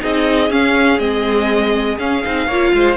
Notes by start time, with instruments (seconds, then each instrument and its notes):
0.00 cello C4, viola D#4, violin G#4 D#5
0.51 cello C#4, viola C#4, violin F5
0.99 cello G#3, viola C4, violin D#5
1.99 viola C#4, cello C#4, violin F5
2.25 cello C4, viola D#4
2.47 cello A#3, viola F4, violin C#5
2.74 cello G#3, violin C5